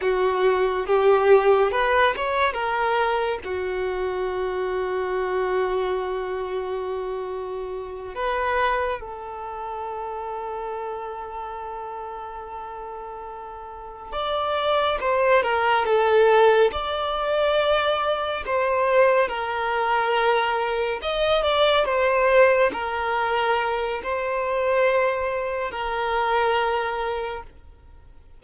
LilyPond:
\new Staff \with { instrumentName = "violin" } { \time 4/4 \tempo 4 = 70 fis'4 g'4 b'8 cis''8 ais'4 | fis'1~ | fis'4. b'4 a'4.~ | a'1~ |
a'8 d''4 c''8 ais'8 a'4 d''8~ | d''4. c''4 ais'4.~ | ais'8 dis''8 d''8 c''4 ais'4. | c''2 ais'2 | }